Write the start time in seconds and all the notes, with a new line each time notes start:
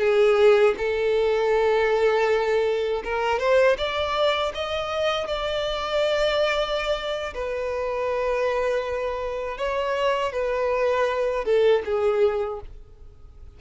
0.00 G#4
0.78 A4
3.04 A#4
3.40 C5
3.78 D5
4.54 D#5
5.27 D5
7.34 B4
9.58 C#5
10.33 B4
11.45 A4
11.86 G#4